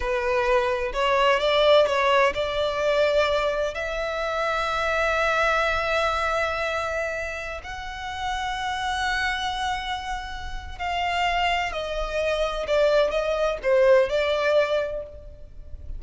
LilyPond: \new Staff \with { instrumentName = "violin" } { \time 4/4 \tempo 4 = 128 b'2 cis''4 d''4 | cis''4 d''2. | e''1~ | e''1~ |
e''16 fis''2.~ fis''8.~ | fis''2. f''4~ | f''4 dis''2 d''4 | dis''4 c''4 d''2 | }